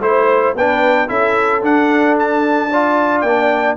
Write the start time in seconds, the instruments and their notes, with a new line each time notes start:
0.00 tuba A3, trombone E4, trumpet C5, horn C5
0.55 tuba B3, trombone D4, horn B4, trumpet G5
1.08 tuba C#4, trombone E4, horn A4, trumpet E5
1.62 trombone D4, tuba D4, trumpet F#5
2.19 trumpet A5
2.69 trombone F4, horn D5
3.21 tuba A#3, trombone D4, trumpet G5